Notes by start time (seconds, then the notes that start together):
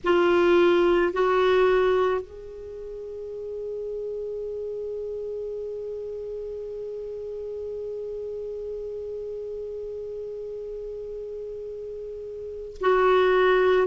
0.04 F4
1.13 F#4
2.21 G#4
12.80 F#4